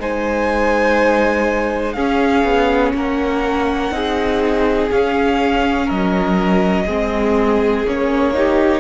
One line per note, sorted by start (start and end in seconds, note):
0.00 1.97 G#3
0.00 1.97 D#4
0.00 1.95 C5
0.00 1.93 G#5
1.93 2.44 C#4
1.93 3.92 C#4
1.93 2.93 G#4
1.93 2.92 F5
2.44 2.93 B3
2.94 3.91 A#3
2.94 3.95 A#4
2.94 4.92 F#5
3.91 4.90 C4
3.91 4.90 D#4
3.91 5.86 G#4
4.91 6.87 C#4
4.91 5.90 C#4
4.91 5.90 F5
5.86 6.86 F#3
5.86 6.85 A#4
5.86 7.86 D#5
6.86 7.84 G#3
6.86 7.86 C4
6.86 8.34 G#4
7.84 8.80 A#3
7.84 8.35 C#4
7.84 8.80 C#5
8.35 8.80 D#4
8.35 8.80 G4